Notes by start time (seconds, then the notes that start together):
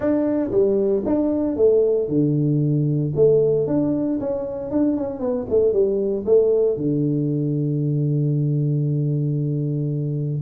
0.00 D4
0.51 G3
1.05 D4
1.56 A3
2.08 D3
3.15 A3
3.67 D4
4.20 C#4
4.70 D4
4.96 C#4
5.19 B3
5.49 A3
5.72 G3
6.25 A3
6.77 D3